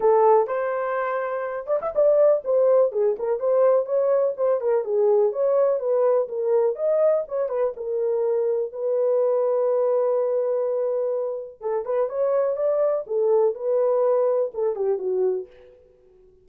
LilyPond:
\new Staff \with { instrumentName = "horn" } { \time 4/4 \tempo 4 = 124 a'4 c''2~ c''8 d''16 e''16 | d''4 c''4 gis'8 ais'8 c''4 | cis''4 c''8 ais'8 gis'4 cis''4 | b'4 ais'4 dis''4 cis''8 b'8 |
ais'2 b'2~ | b'1 | a'8 b'8 cis''4 d''4 a'4 | b'2 a'8 g'8 fis'4 | }